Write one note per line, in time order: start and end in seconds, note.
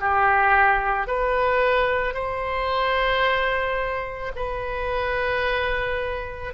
0.00 1.08 G4
1.08 2.14 B4
2.14 4.32 C5
4.36 6.54 B4